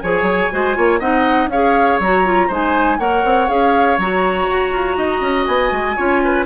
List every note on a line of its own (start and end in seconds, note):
0.00 0.23 F3
0.00 0.52 G#4
0.00 0.53 C#5
0.00 0.99 G#5
0.23 0.47 F#3
0.52 0.77 G#3
0.52 0.75 F#4
0.52 0.77 C5
0.75 1.00 A#3
0.75 1.00 F4
0.75 1.00 C#5
1.00 1.48 C4
1.00 1.51 D#4
1.00 1.49 D#5
1.00 1.49 F#5
1.48 1.97 C#4
1.48 2.02 G#4
1.48 2.48 C#5
1.48 1.99 F5
2.00 2.49 F#3
2.00 2.25 F#4
2.00 2.53 A#5
2.25 2.50 F4
2.48 2.99 G#3
2.48 2.99 D#4
2.48 2.97 C5
2.48 2.99 G#5
2.99 3.24 A#3
2.99 3.48 A#4
2.99 4.97 C#5
2.99 3.49 F#5
3.24 3.49 C4
3.48 3.98 C#4
3.48 3.98 G#4
3.48 3.98 F5
3.98 4.48 F#3
3.98 5.97 F#4
3.98 5.46 A#5
4.50 4.72 F#4
4.72 4.97 F4
4.97 5.21 D#4
4.97 5.96 D#5
5.21 5.46 C#4
5.46 5.72 B3
5.46 6.45 G#5
5.72 5.97 G#3
5.97 6.46 C#4
5.97 6.46 F4
5.97 6.21 C#5
6.24 6.46 B4